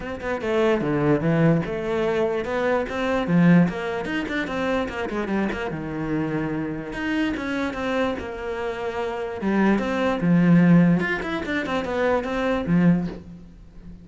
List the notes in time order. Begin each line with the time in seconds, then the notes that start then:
0.00 C4
0.21 B3
0.41 A3
0.81 D3
1.20 E3
1.65 A3
2.44 B3
2.89 C4
3.27 F3
3.68 A#3
4.05 D#4
4.28 D4
4.47 C4
4.88 A#3
5.09 G#3
5.28 G3
5.52 A#3
5.71 D#3
6.92 D#4
7.36 C#4
7.73 C4
8.19 A#3
9.41 G3
9.78 C4
10.20 F3
11.00 F4
11.22 E4
11.45 D4
11.65 C4
11.84 B3
12.24 C4
12.66 F3